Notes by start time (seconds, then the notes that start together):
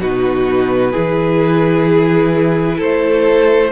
0.00 B2 D#4 F#4 B4
0.91 E3 E4 G#4
2.77 A3 A4 C5